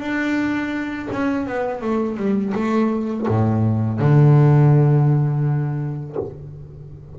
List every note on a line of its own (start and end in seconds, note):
0.00 1.08 D4
1.12 1.47 C#4
1.47 1.82 B3
1.82 2.17 A3
2.17 2.53 G3
2.55 3.27 A3
3.28 4.00 A2
4.00 6.16 D3